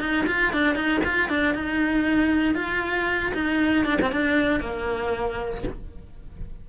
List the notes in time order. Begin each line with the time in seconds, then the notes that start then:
0.00 D#4
0.27 F4
0.53 D4
0.75 D#4
1.05 F4
1.29 D4
1.54 D#4
2.55 F4
3.34 D#4
3.85 D4
4.01 C4
4.12 D4
4.60 A#3